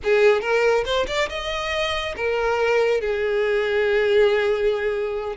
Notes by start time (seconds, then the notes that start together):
0.03 G#4
0.41 A#4
0.85 C5
1.07 D5
1.29 D#5
2.16 A#4
3.00 G#4